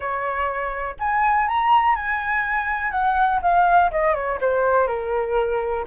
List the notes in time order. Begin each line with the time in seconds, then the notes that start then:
0.00 C#5
0.99 G#5
1.48 A#5
1.95 G#5
2.91 F#5
3.42 F5
3.91 D#5
4.14 C#5
4.40 C5
4.87 A#4